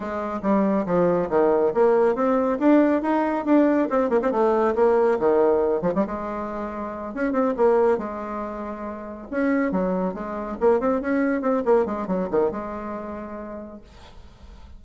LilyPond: \new Staff \with { instrumentName = "bassoon" } { \time 4/4 \tempo 4 = 139 gis4 g4 f4 dis4 | ais4 c'4 d'4 dis'4 | d'4 c'8 ais16 c'16 a4 ais4 | dis4. f16 g16 gis2~ |
gis8 cis'8 c'8 ais4 gis4.~ | gis4. cis'4 fis4 gis8~ | gis8 ais8 c'8 cis'4 c'8 ais8 gis8 | fis8 dis8 gis2. | }